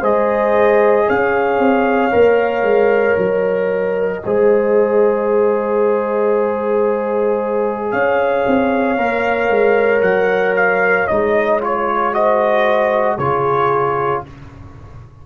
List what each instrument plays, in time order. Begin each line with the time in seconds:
0.00 tuba G#3, trombone G#4, horn C5, trumpet D#5
1.07 tuba C#4, horn C#5, trumpet F5
1.59 tuba C4
2.11 tuba A#3, trombone A#4
2.62 tuba G#3
3.18 tuba F#3, trumpet D#5
4.25 tuba G#3, trombone G#4, horn C5
7.91 tuba C#4, horn C#5, trumpet F5
8.47 tuba C4
8.97 tuba A#3, trombone A#4
9.50 tuba G#3
10.02 tuba F#3, trumpet F#5
10.56 trumpet F5
11.07 tuba G#3, trombone D#4, trumpet D#5
11.61 trombone F4, trumpet C#5
12.13 trombone F#4, horn C5, trumpet D#5
13.16 tuba C#3, trombone F4, horn G#4, trumpet C#5